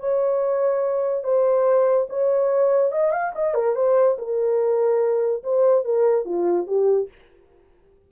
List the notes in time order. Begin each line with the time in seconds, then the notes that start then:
0.00 C#5
1.24 C5
2.09 C#5
2.92 D#5
3.12 F5
3.35 D#5
3.55 A#4
3.76 C5
4.18 A#4
5.44 C5
5.85 A#4
6.25 F4
6.67 G4